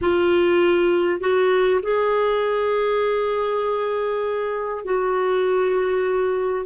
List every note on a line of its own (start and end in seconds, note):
0.01 1.20 F4
1.20 1.80 F#4
1.82 4.84 G#4
4.84 6.65 F#4